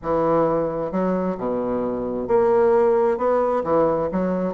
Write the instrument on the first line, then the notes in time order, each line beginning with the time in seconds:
bassoon
0.02 E3
0.91 F#3
1.37 B2
2.27 A#3
3.17 B3
3.64 E3
4.11 F#3